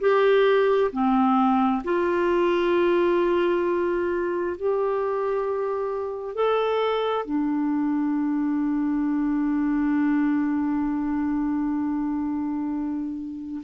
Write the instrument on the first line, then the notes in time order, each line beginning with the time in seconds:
clarinet
0.00 G4
0.92 C4
1.84 F4
4.57 G4
6.35 A4
7.26 D4